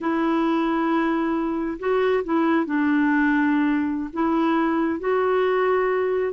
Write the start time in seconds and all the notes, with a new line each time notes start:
0.00 E4
1.79 F#4
2.23 E4
2.65 D4
4.13 E4
4.99 F#4